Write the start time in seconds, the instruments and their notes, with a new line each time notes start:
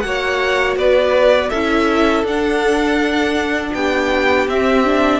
0.00 cello A#3, viola F#4, violin F#5
0.06 violin C#5
0.76 cello B3, violin B4 D5
1.49 cello C#4, viola E4, violin A4 E5
2.23 cello D4, viola D4, violin F#5
3.73 cello B3, violin G4 G5
4.47 cello C4, viola C4, violin E5
4.85 viola D4